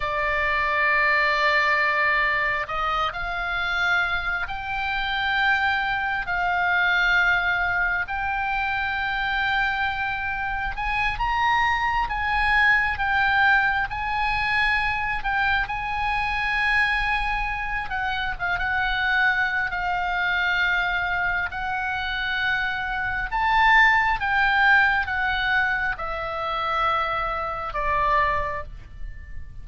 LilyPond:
\new Staff \with { instrumentName = "oboe" } { \time 4/4 \tempo 4 = 67 d''2. dis''8 f''8~ | f''4 g''2 f''4~ | f''4 g''2. | gis''8 ais''4 gis''4 g''4 gis''8~ |
gis''4 g''8 gis''2~ gis''8 | fis''8 f''16 fis''4~ fis''16 f''2 | fis''2 a''4 g''4 | fis''4 e''2 d''4 | }